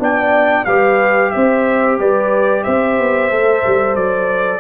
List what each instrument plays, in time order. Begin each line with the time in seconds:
0.00 tuba B3, trombone D4, horn D5, trumpet G5
0.65 tuba G3, trombone G4, horn B4, trumpet F5
1.31 tuba C4, horn C5, trumpet E5
2.00 tuba G3, horn B4, trumpet D5
2.64 tuba C4, horn C5, trumpet E5
2.99 tuba B3
3.30 tuba A3, trombone A4
3.67 tuba G3
3.96 tuba F#3, trumpet D5